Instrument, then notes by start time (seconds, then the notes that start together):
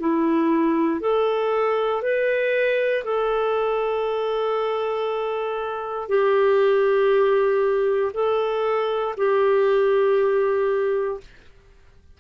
clarinet
0.00 E4
1.01 A4
2.02 B4
3.04 A4
6.09 G4
8.14 A4
9.17 G4